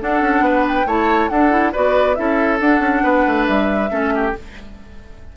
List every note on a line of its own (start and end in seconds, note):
0.00 0.87 D4
0.00 0.21 D4
0.00 0.44 A4
0.00 0.67 F#5
0.21 0.40 C#4
0.40 0.84 B3
0.40 0.87 B4
0.68 0.88 G5
0.86 1.29 A3
0.86 1.30 E4
0.86 1.30 C#5
0.86 1.29 A5
1.29 1.74 D4
1.29 1.51 D4
1.29 1.73 A4
1.29 1.72 F#5
1.51 1.72 E4
1.73 2.18 B3
1.73 2.16 F#4
1.73 2.16 B4
1.73 2.15 D5
2.15 2.61 C#4
2.15 2.59 E4
2.15 3.03 A4
2.15 2.59 E5
2.60 3.89 D4
2.60 2.80 D4
2.60 3.46 F#5
2.80 3.01 C#4
3.03 3.26 B3
3.03 3.90 B4
3.27 3.48 A3
3.46 3.91 G3
3.46 4.33 E5
3.89 4.34 A3
3.89 4.33 C#4
3.89 4.13 A4
4.15 4.37 G4